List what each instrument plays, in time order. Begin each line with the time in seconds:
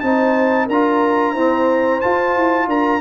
0.00 tuba C4, trombone D#4, horn C5, trumpet A5
0.66 tuba D4, horn A#4, trumpet A#5
0.72 trombone F4
1.32 trombone C4, tuba E4, horn C5
2.01 trombone F4, tuba F4, trumpet A5
2.36 tuba E4
2.67 tuba D4, horn A#4, trumpet A#5